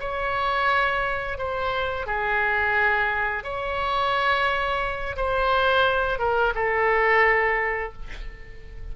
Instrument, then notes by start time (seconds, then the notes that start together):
oboe
0.00 C#5
1.38 C5
2.07 G#4
3.44 C#5
5.16 C5
6.19 A#4
6.55 A4